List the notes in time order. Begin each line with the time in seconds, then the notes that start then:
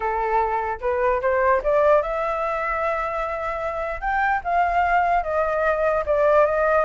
0.00 A4
0.81 B4
1.21 C5
1.63 D5
2.01 E5
4.01 G5
4.44 F5
5.23 D#5
6.05 D5
6.45 D#5